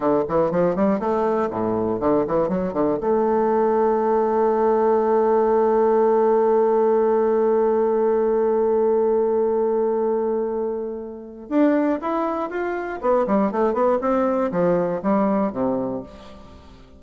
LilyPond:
\new Staff \with { instrumentName = "bassoon" } { \time 4/4 \tempo 4 = 120 d8 e8 f8 g8 a4 a,4 | d8 e8 fis8 d8 a2~ | a1~ | a1~ |
a1~ | a2. d'4 | e'4 f'4 b8 g8 a8 b8 | c'4 f4 g4 c4 | }